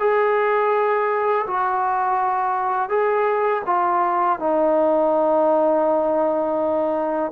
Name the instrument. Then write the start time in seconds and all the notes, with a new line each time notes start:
trombone
0.00 G#4
1.47 F#4
2.90 G#4
3.67 F4
4.40 D#4